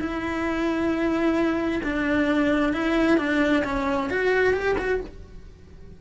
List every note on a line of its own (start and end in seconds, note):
0.00 1.82 E4
1.84 2.73 D4
2.73 3.18 E4
3.18 3.64 D4
3.64 4.10 C#4
4.10 4.54 F#4
4.54 4.76 G4
4.78 5.01 F#4